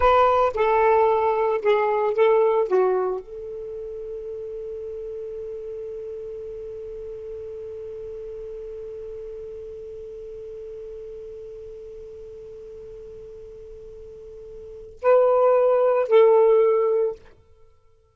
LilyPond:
\new Staff \with { instrumentName = "saxophone" } { \time 4/4 \tempo 4 = 112 b'4 a'2 gis'4 | a'4 fis'4 a'2~ | a'1~ | a'1~ |
a'1~ | a'1~ | a'1 | b'2 a'2 | }